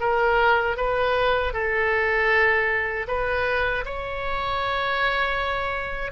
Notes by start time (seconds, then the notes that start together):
0.00 A#4
0.77 B4
1.53 A4
3.08 B4
3.85 C#5